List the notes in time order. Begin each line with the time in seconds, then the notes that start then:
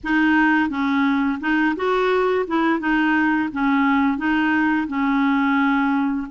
0.03 D#4
0.69 C#4
1.40 D#4
1.75 F#4
2.47 E4
2.79 D#4
3.52 C#4
4.17 D#4
4.87 C#4